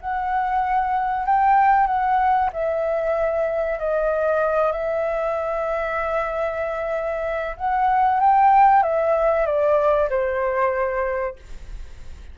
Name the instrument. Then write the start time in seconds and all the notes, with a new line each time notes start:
flute
0.00 F#5
1.25 G5
1.86 F#5
2.52 E5
3.79 D#5
4.72 E5
7.56 F#5
8.20 G5
8.82 E5
9.46 D5
10.09 C5